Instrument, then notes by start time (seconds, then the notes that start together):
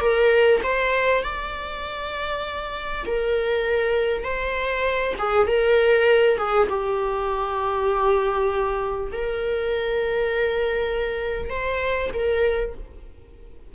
viola
0.00 A#4
0.63 C5
1.23 D5
3.06 A#4
4.23 C5
5.18 G#4
5.47 A#4
6.37 G#4
6.69 G4
9.12 A#4
11.49 C5
12.13 A#4